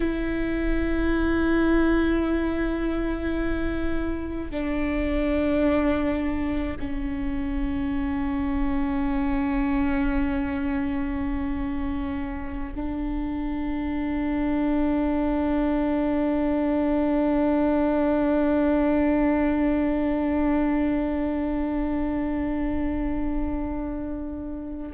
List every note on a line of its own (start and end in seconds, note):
0.00 4.50 E4
4.50 6.77 D4
6.79 12.74 C#4
12.75 24.92 D4